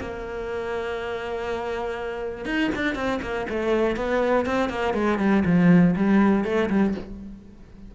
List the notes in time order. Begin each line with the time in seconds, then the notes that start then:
0.00 A#3
2.45 D#4
2.75 D4
2.95 C4
3.22 A#3
3.49 A3
3.96 B3
4.45 C4
4.69 A#3
4.93 G#3
5.18 G3
5.45 F3
5.96 G3
6.44 A3
6.69 G3